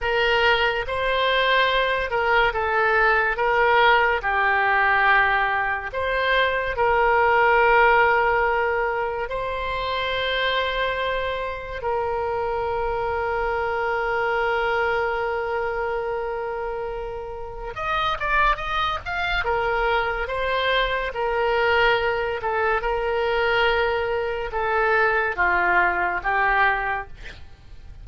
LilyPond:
\new Staff \with { instrumentName = "oboe" } { \time 4/4 \tempo 4 = 71 ais'4 c''4. ais'8 a'4 | ais'4 g'2 c''4 | ais'2. c''4~ | c''2 ais'2~ |
ais'1~ | ais'4 dis''8 d''8 dis''8 f''8 ais'4 | c''4 ais'4. a'8 ais'4~ | ais'4 a'4 f'4 g'4 | }